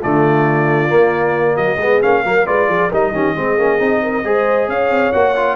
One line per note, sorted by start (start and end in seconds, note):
0.00 0.91 D3
0.00 0.89 A3
0.00 1.56 F4
0.00 1.57 D5
0.89 1.77 A#3
0.89 1.58 A#3
1.56 1.77 F#3
1.56 1.79 F#4
1.56 2.01 D#5
1.77 2.00 G#3
1.77 2.02 B3
1.77 2.24 G#4
2.02 2.25 A#3
2.02 2.25 C#4
2.02 2.47 F5
2.24 2.47 F#3
2.24 2.46 A#3
2.24 2.46 A#4
2.46 2.69 G#3
2.46 2.91 F4
2.46 2.68 B4
2.46 2.91 D5
2.68 2.91 F3
2.68 2.89 G#4
2.89 3.12 G3
2.89 3.14 D#4
2.89 3.12 A#4
2.89 4.70 D#5
3.12 3.34 D#3
3.12 3.36 C#4
3.12 3.36 G4
3.36 3.58 G#3
3.36 3.58 C4
3.36 4.03 G#4
3.58 3.80 A#3
3.58 3.79 C#4
3.79 4.24 C4
3.79 4.23 D#4
4.03 4.25 A#4
4.24 4.69 G#3
4.24 5.13 G#4
4.24 4.70 C5
4.69 4.90 C#4
4.69 5.56 C#5
4.69 5.12 F5
4.90 5.12 C4
5.12 5.56 A#3
5.12 5.36 F#4
5.12 5.56 F#5
5.36 5.56 F4